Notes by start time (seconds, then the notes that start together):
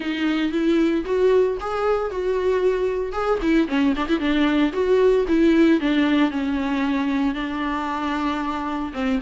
0.00 D#4
0.51 E4
1.05 F#4
1.60 G#4
2.11 F#4
3.12 G#4
3.42 E4
3.67 C#4
3.96 D4
4.08 E4
4.19 D4
4.72 F#4
5.28 E4
5.80 D4
6.30 C#4
7.34 D4
8.93 C4